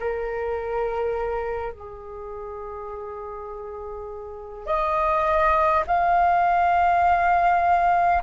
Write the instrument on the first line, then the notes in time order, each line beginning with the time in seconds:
flute
0.00 A#4
1.73 G#4
4.66 D#5
5.88 F5